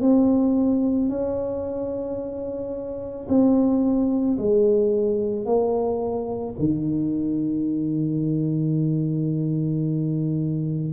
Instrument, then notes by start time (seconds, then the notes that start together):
tuba
0.00 C4
1.09 C#4
3.28 C4
4.37 G#3
5.45 A#3
6.58 D#3